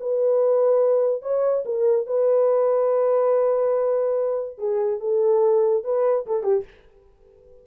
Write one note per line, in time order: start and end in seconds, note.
0.00 1.22 B4
1.22 1.64 C#5
1.65 2.06 A#4
2.06 4.58 B4
4.58 5.00 G#4
5.00 5.84 A4
5.84 6.26 B4
6.26 6.43 A4
6.43 6.64 G4